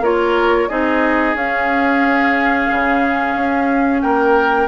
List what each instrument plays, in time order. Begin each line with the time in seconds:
0.00 bassoon A#3, clarinet F4, oboe A#4, flute C#5
0.68 bassoon C4, clarinet D#4, oboe G#4, flute D#5
1.34 bassoon C#4, clarinet C#4, flute F5
2.71 bassoon C#3
3.35 bassoon C#4
4.01 bassoon A#3, oboe A#4, flute G5